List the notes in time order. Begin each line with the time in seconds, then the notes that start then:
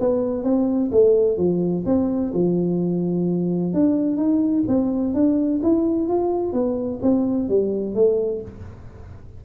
0.00 B3
0.44 C4
0.92 A3
1.38 F3
1.86 C4
2.34 F3
3.74 D4
4.17 D#4
4.68 C4
5.15 D4
5.63 E4
6.09 F4
6.53 B3
7.02 C4
7.49 G3
7.95 A3